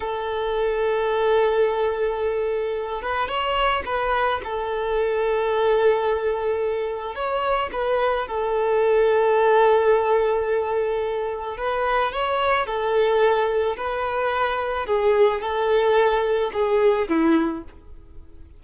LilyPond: \new Staff \with { instrumentName = "violin" } { \time 4/4 \tempo 4 = 109 a'1~ | a'4. b'8 cis''4 b'4 | a'1~ | a'4 cis''4 b'4 a'4~ |
a'1~ | a'4 b'4 cis''4 a'4~ | a'4 b'2 gis'4 | a'2 gis'4 e'4 | }